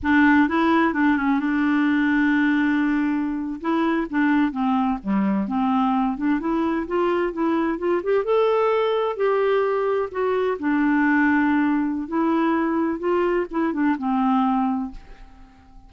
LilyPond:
\new Staff \with { instrumentName = "clarinet" } { \time 4/4 \tempo 4 = 129 d'4 e'4 d'8 cis'8 d'4~ | d'2.~ d'8. e'16~ | e'8. d'4 c'4 g4 c'16~ | c'4~ c'16 d'8 e'4 f'4 e'16~ |
e'8. f'8 g'8 a'2 g'16~ | g'4.~ g'16 fis'4 d'4~ d'16~ | d'2 e'2 | f'4 e'8 d'8 c'2 | }